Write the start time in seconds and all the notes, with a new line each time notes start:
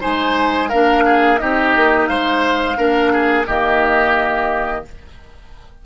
0.00 G#3 D#4 C5 G#5
0.69 A#3 D4 A#4 F5
1.05 G#4
1.38 C4 D#4 G4 D#5
1.76 A#3
2.07 G#3 C5 F5
2.76 A#3 D4 A#4
3.13 G#4
3.47 D#3 A#3 G4 D#5